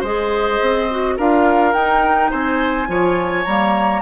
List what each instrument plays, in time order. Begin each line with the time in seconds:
0.00 bassoon G#3, clarinet G#4, oboe C5, flute D#5
0.61 bassoon C4
0.91 clarinet F#4
1.17 bassoon D4, clarinet F4, oboe A#4, flute F5
1.73 bassoon D#4, clarinet D#4, flute G5
2.30 bassoon C4, oboe C5, flute G#5
2.87 bassoon F3, clarinet F4, oboe C#5
3.44 bassoon G3, clarinet A#3, flute A#5